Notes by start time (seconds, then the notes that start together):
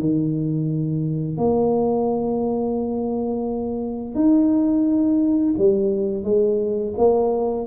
0.00 D#3
1.38 A#3
4.15 D#4
5.58 G3
6.24 G#3
6.98 A#3